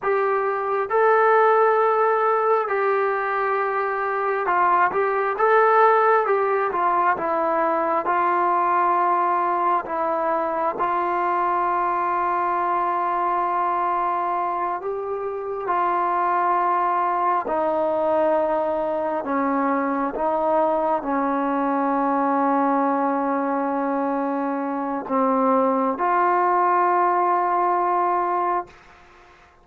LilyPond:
\new Staff \with { instrumentName = "trombone" } { \time 4/4 \tempo 4 = 67 g'4 a'2 g'4~ | g'4 f'8 g'8 a'4 g'8 f'8 | e'4 f'2 e'4 | f'1~ |
f'8 g'4 f'2 dis'8~ | dis'4. cis'4 dis'4 cis'8~ | cis'1 | c'4 f'2. | }